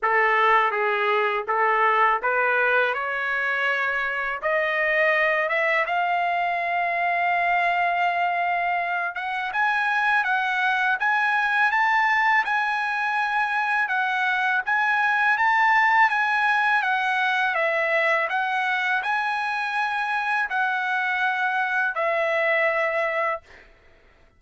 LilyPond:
\new Staff \with { instrumentName = "trumpet" } { \time 4/4 \tempo 4 = 82 a'4 gis'4 a'4 b'4 | cis''2 dis''4. e''8 | f''1~ | f''8 fis''8 gis''4 fis''4 gis''4 |
a''4 gis''2 fis''4 | gis''4 a''4 gis''4 fis''4 | e''4 fis''4 gis''2 | fis''2 e''2 | }